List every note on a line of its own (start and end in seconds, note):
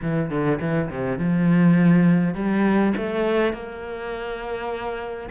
0.02 0.29 E3
0.29 0.59 D3
0.60 0.89 E3
0.90 1.18 C3
1.18 2.34 F3
2.34 2.93 G3
2.96 3.53 A3
3.53 5.29 A#3